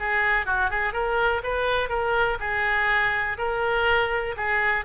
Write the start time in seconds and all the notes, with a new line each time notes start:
0.00 G#4
0.46 F#4
0.71 G#4
0.94 A#4
1.44 B4
1.89 A#4
2.40 G#4
3.38 A#4
4.37 G#4